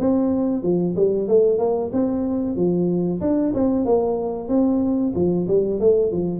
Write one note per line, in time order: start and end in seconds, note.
0.00 0.63 C4
0.63 0.95 F3
0.96 1.28 G3
1.28 1.59 A3
1.59 1.91 A#3
1.93 2.56 C4
2.56 3.21 F3
3.21 3.53 D4
3.54 3.86 C4
3.86 4.49 A#3
4.49 5.13 C4
5.15 5.48 F3
5.48 5.80 G3
5.80 6.12 A3
6.12 6.40 F3